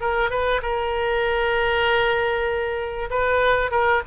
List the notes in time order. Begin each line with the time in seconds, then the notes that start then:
0.00 A#4
0.30 B4
0.62 A#4
3.10 B4
3.71 A#4